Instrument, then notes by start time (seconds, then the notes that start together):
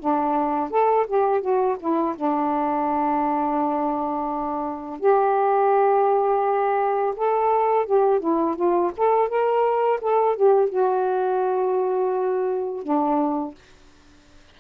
saxophone
0.00 D4
0.71 A4
1.07 G4
1.41 F#4
1.80 E4
2.16 D4
5.00 G4
7.16 A4
7.86 G4
8.20 E4
8.56 F4
8.97 A4
9.29 A#4
10.01 A4
10.36 G4
10.70 F#4
12.83 D4